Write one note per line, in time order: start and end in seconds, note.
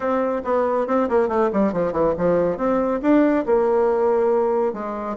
0.00 0.42 C4
0.44 0.87 B3
0.87 1.09 C4
1.09 1.28 A#3
1.28 1.50 A3
1.52 1.72 G3
1.72 1.92 F3
1.92 2.14 E3
2.17 2.57 F3
2.57 3.00 C4
3.02 3.45 D4
3.46 4.73 A#3
4.73 5.16 G#3